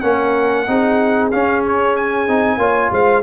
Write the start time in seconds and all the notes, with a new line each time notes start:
0.00 A#3 C#4 A#4 F#5
0.67 C4 D#4 G#4
1.31 C#4 F5
1.66 C#5
1.96 G#5
2.28 C4 D#4
2.57 A#3 F4 C#5
2.92 G#3 C5 F5